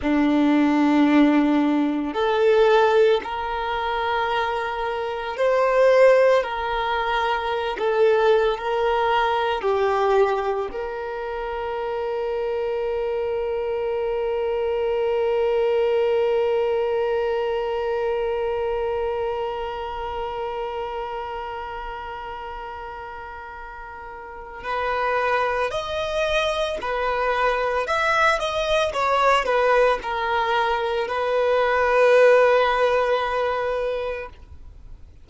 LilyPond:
\new Staff \with { instrumentName = "violin" } { \time 4/4 \tempo 4 = 56 d'2 a'4 ais'4~ | ais'4 c''4 ais'4~ ais'16 a'8. | ais'4 g'4 ais'2~ | ais'1~ |
ais'1~ | ais'2. b'4 | dis''4 b'4 e''8 dis''8 cis''8 b'8 | ais'4 b'2. | }